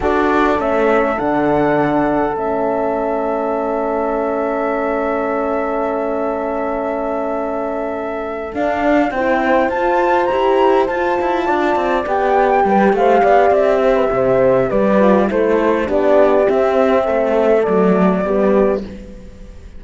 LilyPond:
<<
  \new Staff \with { instrumentName = "flute" } { \time 4/4 \tempo 4 = 102 d''4 e''4 fis''2 | e''1~ | e''1~ | e''2~ e''8 f''4 g''8~ |
g''8 a''4 ais''4 a''4.~ | a''8 g''4. f''4 e''4~ | e''4 d''4 c''4 d''4 | e''2 d''2 | }
  \new Staff \with { instrumentName = "horn" } { \time 4/4 a'1~ | a'1~ | a'1~ | a'2.~ a'8 c''8~ |
c''2.~ c''8 d''8~ | d''4. b'8 c''8 d''4 c''16 b'16 | c''4 b'4 a'4 g'4~ | g'4 a'2 g'4 | }
  \new Staff \with { instrumentName = "horn" } { \time 4/4 fis'4 cis'4 d'2 | cis'1~ | cis'1~ | cis'2~ cis'8 d'4 e'8~ |
e'8 f'4 g'4 f'4.~ | f'8 g'2.~ g'8~ | g'4. f'8 e'4 d'4 | c'2 a4 b4 | }
  \new Staff \with { instrumentName = "cello" } { \time 4/4 d'4 a4 d2 | a1~ | a1~ | a2~ a8 d'4 c'8~ |
c'8 f'4 e'4 f'8 e'8 d'8 | c'8 b4 g8 a8 b8 c'4 | c4 g4 a4 b4 | c'4 a4 fis4 g4 | }
>>